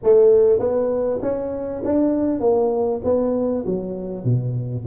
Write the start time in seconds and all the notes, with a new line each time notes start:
0.03 A3
0.59 B3
1.21 C#4
1.84 D4
2.40 A#3
3.04 B3
3.66 F#3
4.24 B2